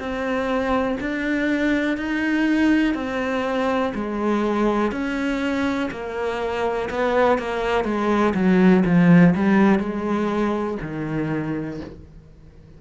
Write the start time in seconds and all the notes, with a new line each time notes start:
0.00 C4
1.01 D4
1.98 D#4
2.95 C4
3.95 G#3
4.92 C#4
5.91 A#3
6.91 B3
7.39 A#3
7.85 G#3
8.35 F#3
8.85 F3
9.36 G3
9.80 G#3
10.82 D#3